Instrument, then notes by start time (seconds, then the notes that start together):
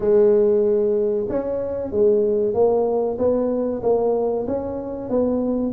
tuba
0.00 G#3
1.29 C#4
1.91 G#3
2.54 A#3
3.18 B3
3.82 A#3
4.47 C#4
5.09 B3